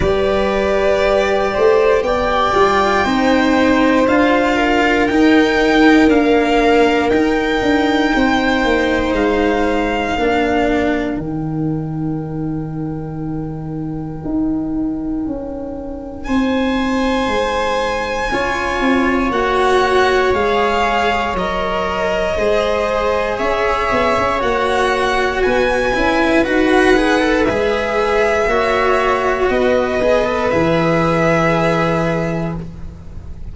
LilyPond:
<<
  \new Staff \with { instrumentName = "violin" } { \time 4/4 \tempo 4 = 59 d''2 g''2 | f''4 g''4 f''4 g''4~ | g''4 f''2 g''4~ | g''1 |
gis''2. fis''4 | f''4 dis''2 e''4 | fis''4 gis''4 fis''4 e''4~ | e''4 dis''4 e''2 | }
  \new Staff \with { instrumentName = "viola" } { \time 4/4 b'4. c''8 d''4 c''4~ | c''8 ais'2.~ ais'8 | c''2 ais'2~ | ais'1 |
c''2 cis''2~ | cis''2 c''4 cis''4~ | cis''4 b'2. | cis''4 b'2. | }
  \new Staff \with { instrumentName = "cello" } { \time 4/4 g'2~ g'8 f'8 dis'4 | f'4 dis'4 ais4 dis'4~ | dis'2 d'4 dis'4~ | dis'1~ |
dis'2 f'4 fis'4 | gis'4 ais'4 gis'2 | fis'4. e'8 fis'8 gis'16 a'16 gis'4 | fis'4. gis'16 a'16 gis'2 | }
  \new Staff \with { instrumentName = "tuba" } { \time 4/4 g4. a8 b8 g8 c'4 | d'4 dis'4 d'4 dis'8 d'8 | c'8 ais8 gis4 ais4 dis4~ | dis2 dis'4 cis'4 |
c'4 gis4 cis'8 c'8 ais4 | gis4 fis4 gis4 cis'8 b16 cis'16 | ais4 b8 cis'8 dis'4 gis4 | ais4 b4 e2 | }
>>